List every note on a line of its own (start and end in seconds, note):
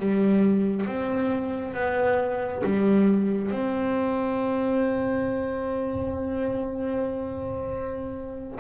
0.00 0.86 G3
0.86 1.74 C4
1.74 2.63 B3
2.64 3.51 G3
3.51 8.59 C4